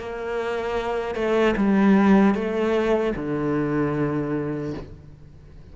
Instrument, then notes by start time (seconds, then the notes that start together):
cello
0.00 A#3
1.16 A3
1.57 G3
2.35 A3
3.16 D3